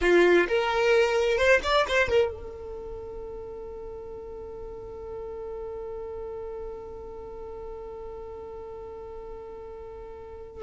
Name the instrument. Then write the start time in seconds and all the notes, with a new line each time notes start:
violin
0.01 F4
0.48 A#4
1.37 C5
1.63 D5
1.88 C5
2.08 A#4
2.32 A4